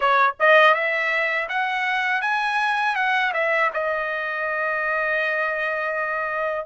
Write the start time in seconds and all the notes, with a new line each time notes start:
0.00 C#5
0.39 D#5
0.74 E5
1.48 F#5
2.21 G#5
2.95 F#5
3.33 E5
3.73 D#5